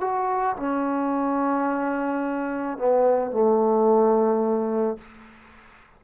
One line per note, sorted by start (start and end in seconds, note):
0.00 0.56 F#4
0.56 2.77 C#4
2.77 3.31 B3
3.31 4.97 A3